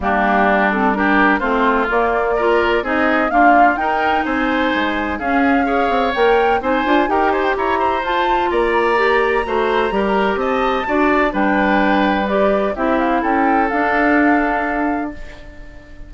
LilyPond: <<
  \new Staff \with { instrumentName = "flute" } { \time 4/4 \tempo 4 = 127 g'4. a'8 ais'4 c''4 | d''2 dis''4 f''4 | g''4 gis''2 f''4~ | f''4 g''4 gis''4 g''8 gis''16 g''16 |
ais''4 a''4 ais''2~ | ais''2 a''2 | g''2 d''4 e''8 f''8 | g''4 f''2. | }
  \new Staff \with { instrumentName = "oboe" } { \time 4/4 d'2 g'4 f'4~ | f'4 ais'4 gis'4 f'4 | ais'4 c''2 gis'4 | cis''2 c''4 ais'8 c''8 |
cis''8 c''4. d''2 | c''4 ais'4 dis''4 d''4 | b'2. g'4 | a'1 | }
  \new Staff \with { instrumentName = "clarinet" } { \time 4/4 ais4. c'8 d'4 c'4 | ais4 f'4 dis'4 ais4 | dis'2. cis'4 | gis'4 ais'4 dis'8 f'8 g'4~ |
g'4 f'2 g'4 | fis'4 g'2 fis'4 | d'2 g'4 e'4~ | e'4 d'2. | }
  \new Staff \with { instrumentName = "bassoon" } { \time 4/4 g2. a4 | ais2 c'4 d'4 | dis'4 c'4 gis4 cis'4~ | cis'8 c'8 ais4 c'8 d'8 dis'4 |
e'4 f'4 ais2 | a4 g4 c'4 d'4 | g2. c'4 | cis'4 d'2. | }
>>